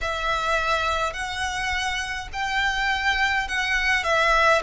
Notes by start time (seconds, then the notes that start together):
0.01 E5
1.13 F#5
2.32 G5
3.48 F#5
4.03 E5